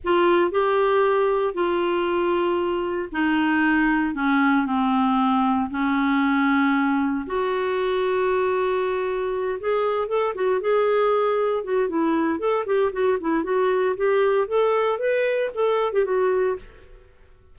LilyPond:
\new Staff \with { instrumentName = "clarinet" } { \time 4/4 \tempo 4 = 116 f'4 g'2 f'4~ | f'2 dis'2 | cis'4 c'2 cis'4~ | cis'2 fis'2~ |
fis'2~ fis'8 gis'4 a'8 | fis'8 gis'2 fis'8 e'4 | a'8 g'8 fis'8 e'8 fis'4 g'4 | a'4 b'4 a'8. g'16 fis'4 | }